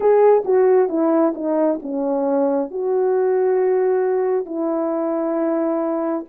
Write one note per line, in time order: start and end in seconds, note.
0.00 0.43 G#4
0.44 0.88 F#4
0.88 1.33 E4
1.34 1.79 D#4
1.82 2.70 C#4
2.70 4.45 F#4
4.45 6.24 E4